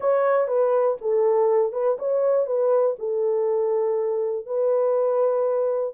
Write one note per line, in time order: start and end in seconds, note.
0.00 0.47 C#5
0.47 0.97 B4
1.01 1.72 A4
1.72 1.97 B4
1.98 2.46 C#5
2.46 2.95 B4
2.98 4.46 A4
4.46 5.94 B4